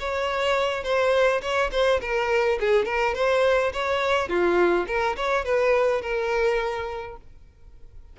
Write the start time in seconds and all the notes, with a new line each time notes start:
0.00 C#5
0.84 C5
1.42 C#5
1.72 C5
2.02 A#4
2.60 G#4
2.86 A#4
3.15 C5
3.73 C#5
4.29 F4
4.87 A#4
5.17 C#5
5.45 B4
6.02 A#4